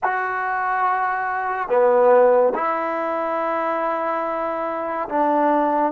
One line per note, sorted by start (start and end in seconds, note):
0.03 1.68 F#4
1.68 2.53 B3
2.55 5.08 E4
5.09 5.92 D4